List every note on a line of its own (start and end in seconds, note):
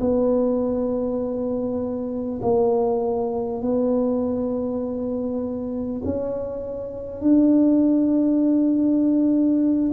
0.00 2.40 B3
2.41 3.61 A#3
3.61 6.01 B3
6.04 7.21 C#4
7.21 9.91 D4